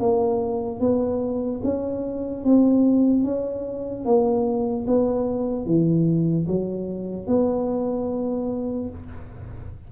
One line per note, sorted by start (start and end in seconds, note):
0.00 0.80 A#3
0.80 1.61 B3
1.63 2.44 C#4
2.44 3.24 C4
3.24 4.05 C#4
4.05 4.86 A#3
4.87 5.65 B3
5.65 6.46 E3
6.47 7.27 F#3
7.27 8.89 B3